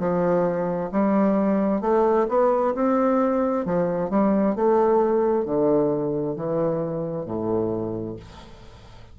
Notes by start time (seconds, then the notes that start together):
0.00 F3
0.93 G3
1.82 A3
2.29 B3
2.75 C4
3.66 F3
4.10 G3
4.56 A3
5.46 D3
6.36 E3
7.26 A2